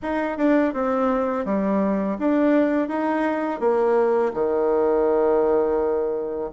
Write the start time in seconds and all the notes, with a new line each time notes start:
0.02 D#4
0.37 D4
0.73 C4
1.45 G3
2.18 D4
2.88 D#4
3.59 A#3
4.33 D#3